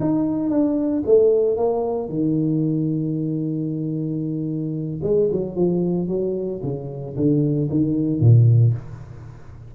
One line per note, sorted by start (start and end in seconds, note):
0.00 0.50 D#4
0.50 1.03 D4
1.06 1.56 A3
1.56 2.09 A#3
2.09 5.01 D#3
5.03 5.29 G#3
5.32 5.55 F#3
5.55 6.08 F3
6.08 6.61 F#3
6.63 7.16 C#3
7.16 7.69 D3
7.70 8.20 D#3
8.20 8.73 A#2